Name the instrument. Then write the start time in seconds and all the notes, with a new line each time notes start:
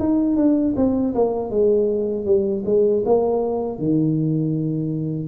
tuba
0.00 D#4
0.37 D4
0.77 C4
1.15 A#3
1.51 G#3
2.26 G3
2.66 G#3
3.06 A#3
3.79 D#3